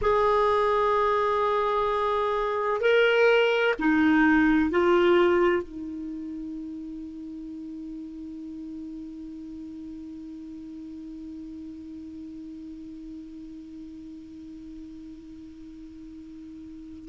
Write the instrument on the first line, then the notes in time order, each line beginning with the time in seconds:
clarinet
0.01 G#4
2.80 A#4
3.79 D#4
4.70 F4
5.62 D#4